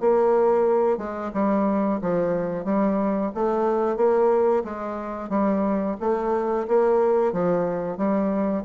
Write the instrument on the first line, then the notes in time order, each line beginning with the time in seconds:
bassoon
0.00 A#3
0.98 G#3
1.33 G3
2.01 F3
2.64 G3
3.34 A3
3.96 A#3
4.64 G#3
5.29 G3
6.00 A3
6.67 A#3
7.32 F3
7.97 G3